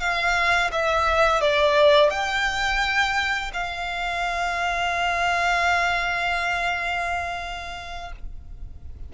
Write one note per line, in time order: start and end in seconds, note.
0.00 0.71 F5
0.72 1.41 E5
1.41 2.10 D5
2.10 3.52 G5
3.54 8.12 F5